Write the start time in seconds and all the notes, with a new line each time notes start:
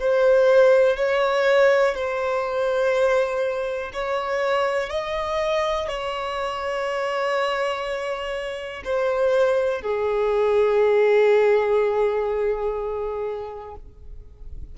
0.00 C5
0.97 C#5
1.95 C5
3.93 C#5
4.90 D#5
5.88 C#5
8.85 C5
9.82 G#4